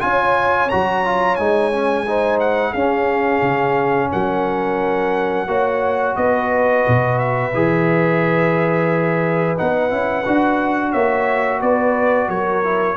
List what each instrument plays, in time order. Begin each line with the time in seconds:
0.00 tuba C#4, trombone F4, horn C#5, trumpet G#5
0.69 tuba F#3, trombone F#4, trumpet A#5
1.05 trombone F4
1.36 tuba G#3, trombone D#4, trumpet G#5
1.72 trombone C#4
2.07 trombone D#4, horn C5
2.40 trumpet F#5
2.71 tuba C#4, trombone C#4, horn G#4, trumpet F5
3.41 tuba C#3
4.12 tuba F#3, horn A#4, trumpet F#5
5.47 tuba A#3, trombone F#4, horn C#5
6.16 tuba B3, horn B4, trumpet D#5
6.87 tuba B2
7.18 trumpet E5
7.54 tuba E3, trombone G#4
9.57 tuba B3, trombone D#4, trumpet F#5
9.90 tuba C#4, trombone E4
10.26 tuba D4, trombone F#4
10.90 tuba A#3, horn C#5, trumpet E5
11.59 tuba B3, horn B4, trumpet D5
12.28 tuba F#3, horn A#4, trumpet C#5
12.63 trombone E4